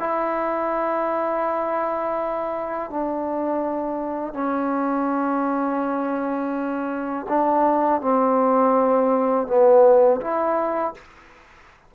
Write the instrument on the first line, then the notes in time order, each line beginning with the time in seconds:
trombone
0.00 E4
2.91 D4
4.34 C#4
7.29 D4
8.02 C4
9.48 B3
10.21 E4